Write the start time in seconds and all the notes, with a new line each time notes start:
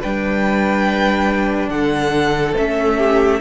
0.00 G3 D4 B4 G5
1.69 D3 A4 F#5
2.57 A3 C#4 E5
2.97 G4